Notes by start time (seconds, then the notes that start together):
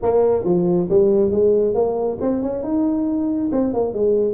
0.02 A#3
0.44 F3
0.89 G3
1.30 G#3
1.74 A#3
2.20 C4
2.42 C#4
2.63 D#4
3.52 C4
3.73 A#3
3.93 G#3